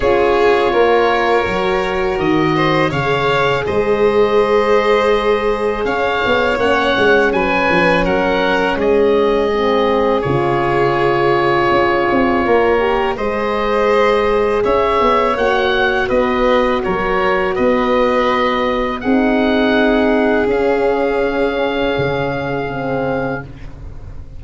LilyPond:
<<
  \new Staff \with { instrumentName = "oboe" } { \time 4/4 \tempo 4 = 82 cis''2. dis''4 | f''4 dis''2. | f''4 fis''4 gis''4 fis''4 | dis''2 cis''2~ |
cis''2 dis''2 | e''4 fis''4 dis''4 cis''4 | dis''2 fis''2 | f''1 | }
  \new Staff \with { instrumentName = "violin" } { \time 4/4 gis'4 ais'2~ ais'8 c''8 | cis''4 c''2. | cis''2 b'4 ais'4 | gis'1~ |
gis'4 ais'4 c''2 | cis''2 b'4 ais'4 | b'2 gis'2~ | gis'1 | }
  \new Staff \with { instrumentName = "horn" } { \time 4/4 f'2 fis'2 | gis'1~ | gis'4 cis'2.~ | cis'4 c'4 f'2~ |
f'4. g'8 gis'2~ | gis'4 fis'2.~ | fis'2 dis'2 | cis'2. c'4 | }
  \new Staff \with { instrumentName = "tuba" } { \time 4/4 cis'4 ais4 fis4 dis4 | cis4 gis2. | cis'8 b8 ais8 gis8 fis8 f8 fis4 | gis2 cis2 |
cis'8 c'8 ais4 gis2 | cis'8 b8 ais4 b4 fis4 | b2 c'2 | cis'2 cis2 | }
>>